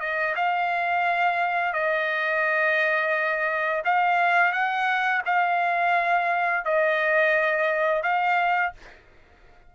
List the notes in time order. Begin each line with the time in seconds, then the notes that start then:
0.00 D#5
0.36 F5
1.73 D#5
3.85 F5
4.53 F#5
5.26 F5
6.65 D#5
8.03 F5